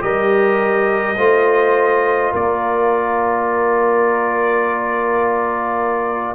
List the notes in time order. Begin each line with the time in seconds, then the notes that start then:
0.00 G3 G4 A#4 D#5
1.17 A3 F4 C5
2.32 A#3 A#4 D5